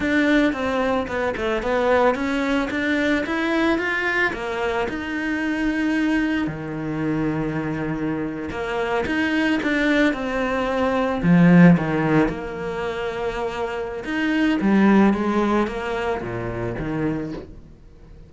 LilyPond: \new Staff \with { instrumentName = "cello" } { \time 4/4 \tempo 4 = 111 d'4 c'4 b8 a8 b4 | cis'4 d'4 e'4 f'4 | ais4 dis'2. | dis2.~ dis8. ais16~ |
ais8. dis'4 d'4 c'4~ c'16~ | c'8. f4 dis4 ais4~ ais16~ | ais2 dis'4 g4 | gis4 ais4 ais,4 dis4 | }